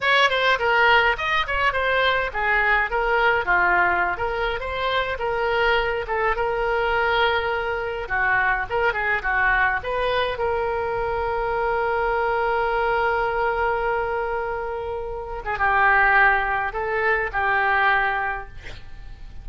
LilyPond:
\new Staff \with { instrumentName = "oboe" } { \time 4/4 \tempo 4 = 104 cis''8 c''8 ais'4 dis''8 cis''8 c''4 | gis'4 ais'4 f'4~ f'16 ais'8. | c''4 ais'4. a'8 ais'4~ | ais'2 fis'4 ais'8 gis'8 |
fis'4 b'4 ais'2~ | ais'1~ | ais'2~ ais'8. gis'16 g'4~ | g'4 a'4 g'2 | }